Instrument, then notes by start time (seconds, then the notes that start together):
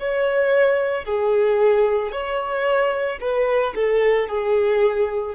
violin
0.00 C#5
1.05 G#4
2.12 C#5
3.21 B4
3.75 A4
4.29 G#4